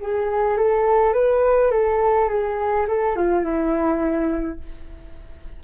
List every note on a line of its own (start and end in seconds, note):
0.00 0.57 G#4
0.57 1.13 A4
1.13 1.71 B4
1.71 2.29 A4
2.29 2.86 G#4
2.88 3.16 A4
3.16 3.44 F4
3.44 4.59 E4